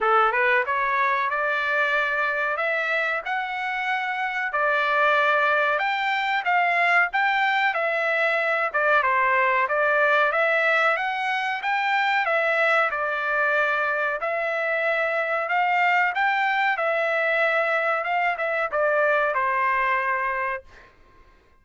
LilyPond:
\new Staff \with { instrumentName = "trumpet" } { \time 4/4 \tempo 4 = 93 a'8 b'8 cis''4 d''2 | e''4 fis''2 d''4~ | d''4 g''4 f''4 g''4 | e''4. d''8 c''4 d''4 |
e''4 fis''4 g''4 e''4 | d''2 e''2 | f''4 g''4 e''2 | f''8 e''8 d''4 c''2 | }